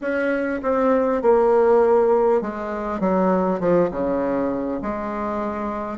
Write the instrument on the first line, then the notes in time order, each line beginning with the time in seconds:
bassoon
0.01 C#4
0.62 C4
1.22 A#3
2.41 G#3
2.99 F#3
3.60 F3
3.90 C#3
4.82 G#3